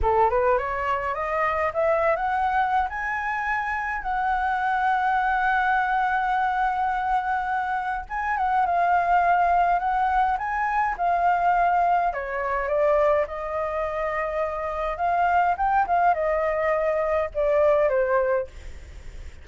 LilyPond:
\new Staff \with { instrumentName = "flute" } { \time 4/4 \tempo 4 = 104 a'8 b'8 cis''4 dis''4 e''8. fis''16~ | fis''4 gis''2 fis''4~ | fis''1~ | fis''2 gis''8 fis''8 f''4~ |
f''4 fis''4 gis''4 f''4~ | f''4 cis''4 d''4 dis''4~ | dis''2 f''4 g''8 f''8 | dis''2 d''4 c''4 | }